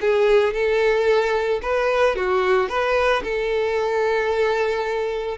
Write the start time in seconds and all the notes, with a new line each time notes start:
0.00 G#4
0.53 A4
1.62 B4
2.16 F#4
2.69 B4
3.23 A4